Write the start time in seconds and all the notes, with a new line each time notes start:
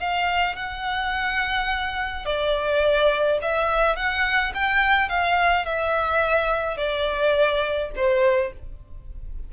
0.00 F5
0.56 F#5
2.26 D5
3.42 E5
3.96 F#5
4.55 G5
5.09 F5
5.66 E5
6.77 D5
7.96 C5